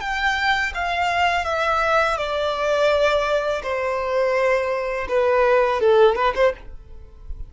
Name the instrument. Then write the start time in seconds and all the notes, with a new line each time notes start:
violin
0.00 G5
0.74 F5
1.45 E5
2.17 D5
3.62 C5
5.08 B4
5.80 A4
6.15 B4
6.35 C5